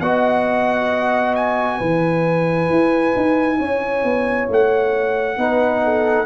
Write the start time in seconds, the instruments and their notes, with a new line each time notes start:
0.00 tuba B3, trombone F#4, horn D#5, trumpet F#5
1.35 trumpet G#5
1.78 tuba E3, trombone E4, horn B4
2.69 tuba E4
3.16 tuba D#4
3.58 tuba C#4, horn C#5
4.03 tuba B3
4.49 tuba A3, trumpet F#5
5.37 tuba B3, trombone D#4, horn B4
5.84 horn A4